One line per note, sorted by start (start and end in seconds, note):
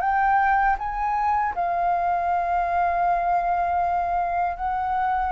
0.00 0.76 G5
0.78 1.54 G#5
1.55 4.56 F5
4.56 5.32 F#5